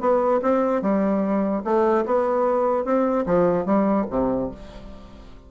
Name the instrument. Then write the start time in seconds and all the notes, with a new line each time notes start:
bassoon
0.00 B3
0.42 C4
0.82 G3
1.64 A3
2.05 B3
2.85 C4
3.26 F3
3.65 G3
4.10 C3